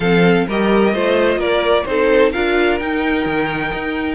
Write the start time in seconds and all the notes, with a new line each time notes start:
0.00 F3 C4 A4 F5
0.47 G3 G4 A#4 D#5
0.93 A3 F4 C5
1.36 A#3 A#4 D5
1.85 C4 D#4 A4 C5
2.31 D4 F4 A#4 F5
2.79 D#4 G5
3.25 D#3
3.73 D#4